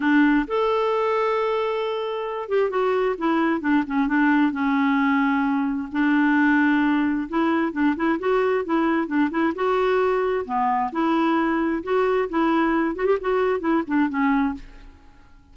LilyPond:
\new Staff \with { instrumentName = "clarinet" } { \time 4/4 \tempo 4 = 132 d'4 a'2.~ | a'4. g'8 fis'4 e'4 | d'8 cis'8 d'4 cis'2~ | cis'4 d'2. |
e'4 d'8 e'8 fis'4 e'4 | d'8 e'8 fis'2 b4 | e'2 fis'4 e'4~ | e'8 fis'16 g'16 fis'4 e'8 d'8 cis'4 | }